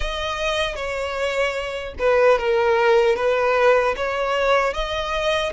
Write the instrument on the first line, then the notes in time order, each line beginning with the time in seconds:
violin
0.00 D#5
0.75 C#5
1.98 B4
2.38 A#4
3.16 B4
3.96 C#5
4.73 D#5